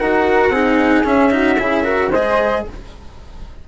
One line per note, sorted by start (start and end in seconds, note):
0.00 0.50 D#4
0.00 0.53 F#4
0.00 0.52 A#4
0.00 1.06 F#5
0.50 1.03 C4
0.50 1.05 D#4
0.50 1.32 G#4
1.05 1.31 C#4
1.05 1.59 C#4
1.05 2.13 E5
1.31 1.57 D#4
1.31 1.60 F#4
1.59 2.12 C#3
1.59 1.84 E4
1.59 1.84 G#4
1.84 2.11 F#4
1.84 2.11 A#4
2.11 2.65 G#3
2.11 2.69 G#4
2.11 2.64 C5
2.11 2.67 D#5